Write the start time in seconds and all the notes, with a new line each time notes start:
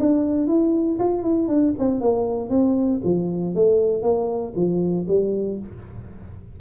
0.00 D4
0.47 E4
0.99 F4
1.23 E4
1.48 D4
1.79 C4
2.01 A#3
2.50 C4
3.04 F3
3.55 A3
4.03 A#3
4.56 F3
5.08 G3